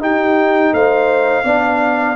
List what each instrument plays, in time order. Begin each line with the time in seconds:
0.00 trombone D#4, tuba D#4, horn G4, trumpet G5
0.73 tuba A3, horn C5, trumpet F5
1.44 tuba B3, trombone D4, horn D5